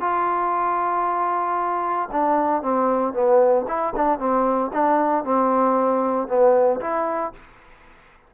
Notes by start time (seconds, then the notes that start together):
0.00 F4
2.12 D4
2.62 C4
3.13 B3
3.67 E4
3.95 D4
4.19 C4
4.73 D4
5.24 C4
6.28 B3
6.80 E4